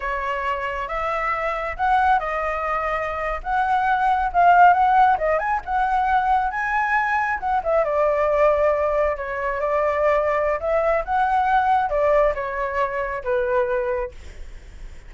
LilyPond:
\new Staff \with { instrumentName = "flute" } { \time 4/4 \tempo 4 = 136 cis''2 e''2 | fis''4 dis''2~ dis''8. fis''16~ | fis''4.~ fis''16 f''4 fis''4 dis''16~ | dis''16 gis''8 fis''2 gis''4~ gis''16~ |
gis''8. fis''8 e''8 d''2~ d''16~ | d''8. cis''4 d''2~ d''16 | e''4 fis''2 d''4 | cis''2 b'2 | }